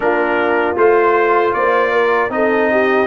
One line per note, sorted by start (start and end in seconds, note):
0.00 0.77 A#3
0.00 0.76 D4
0.00 1.55 F4
0.00 0.75 A#4
0.76 1.54 A3
0.76 2.29 F4
0.76 1.53 C5
1.53 2.29 A#3
1.53 1.91 C5
1.53 2.30 D5
1.91 2.30 A#4
2.29 3.06 C4
2.29 3.06 D#4
2.29 2.71 A4
2.29 3.07 D#5
2.71 3.07 G4